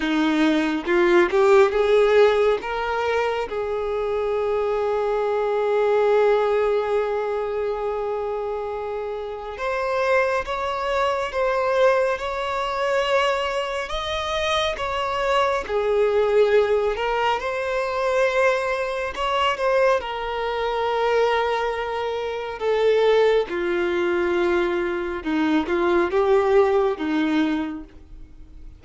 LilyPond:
\new Staff \with { instrumentName = "violin" } { \time 4/4 \tempo 4 = 69 dis'4 f'8 g'8 gis'4 ais'4 | gis'1~ | gis'2. c''4 | cis''4 c''4 cis''2 |
dis''4 cis''4 gis'4. ais'8 | c''2 cis''8 c''8 ais'4~ | ais'2 a'4 f'4~ | f'4 dis'8 f'8 g'4 dis'4 | }